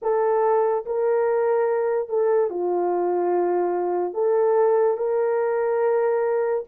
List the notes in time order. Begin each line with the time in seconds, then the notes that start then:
0.02 A4
0.85 A#4
2.08 A4
2.50 F4
4.13 A4
4.97 A#4